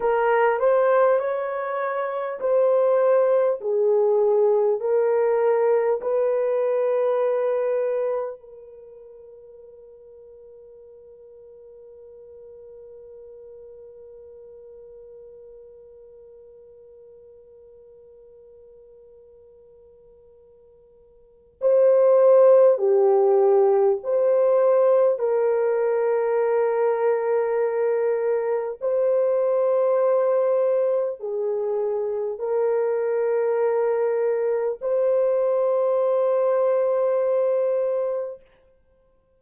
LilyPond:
\new Staff \with { instrumentName = "horn" } { \time 4/4 \tempo 4 = 50 ais'8 c''8 cis''4 c''4 gis'4 | ais'4 b'2 ais'4~ | ais'1~ | ais'1~ |
ais'2 c''4 g'4 | c''4 ais'2. | c''2 gis'4 ais'4~ | ais'4 c''2. | }